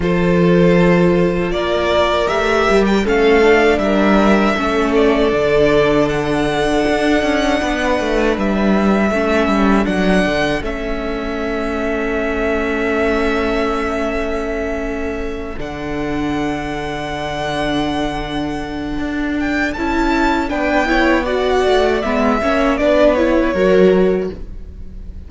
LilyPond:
<<
  \new Staff \with { instrumentName = "violin" } { \time 4/4 \tempo 4 = 79 c''2 d''4 e''8. g''16 | f''4 e''4. d''4. | fis''2. e''4~ | e''4 fis''4 e''2~ |
e''1~ | e''8 fis''2.~ fis''8~ | fis''4. g''8 a''4 g''4 | fis''4 e''4 d''8 cis''4. | }
  \new Staff \with { instrumentName = "violin" } { \time 4/4 a'2 ais'2 | a'4 ais'4 a'2~ | a'2 b'2 | a'1~ |
a'1~ | a'1~ | a'2. b'8 cis''8 | d''4. cis''8 b'4 ais'4 | }
  \new Staff \with { instrumentName = "viola" } { \time 4/4 f'2. g'4 | cis'8 d'4. cis'4 d'4~ | d'1 | cis'4 d'4 cis'2~ |
cis'1~ | cis'8 d'2.~ d'8~ | d'2 e'4 d'8 e'8 | fis'4 b8 cis'8 d'8 e'8 fis'4 | }
  \new Staff \with { instrumentName = "cello" } { \time 4/4 f2 ais4 a8 g8 | a4 g4 a4 d4~ | d4 d'8 cis'8 b8 a8 g4 | a8 g8 fis8 d8 a2~ |
a1~ | a8 d2.~ d8~ | d4 d'4 cis'4 b4~ | b8 a8 gis8 ais8 b4 fis4 | }
>>